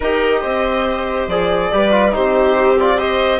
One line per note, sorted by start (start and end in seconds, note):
0.00 0.43 D#4
0.00 1.30 G4
0.00 0.41 A#4
0.00 1.29 D#5
0.41 1.27 C4
0.41 1.70 C5
1.27 1.70 F3
1.27 1.72 G#4
1.27 2.14 D5
1.72 2.15 G3
1.72 1.91 G4
1.72 2.14 B4
1.91 2.11 F4
2.11 3.40 C4
2.11 2.76 D#4
2.11 2.97 G4
2.11 2.78 C5
2.79 2.98 F4
2.79 2.99 D5
2.97 3.40 G4
2.97 3.40 C5
2.97 3.40 D#5